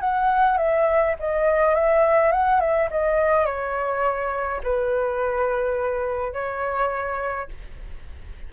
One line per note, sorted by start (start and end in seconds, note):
0.00 0.57 F#5
0.57 1.15 E5
1.19 1.74 D#5
1.74 2.31 E5
2.31 2.60 F#5
2.60 2.89 E5
2.91 3.45 D#5
3.45 4.61 C#5
4.63 6.33 B4
6.33 7.48 C#5